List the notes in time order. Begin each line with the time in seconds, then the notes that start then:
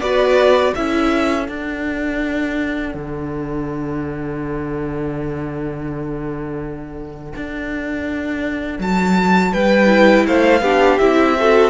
0.00 B3 F#4 B4 D5
0.74 C#4 E4 A4 E5
1.47 D4 F#5
2.94 D3
7.35 D4
8.79 F#3 A5
9.52 G3 B4 G5
9.87 E4
10.27 A3 C5 F5
10.60 B3 D4 G4
10.98 C4 E4 E5
11.38 F#4 A4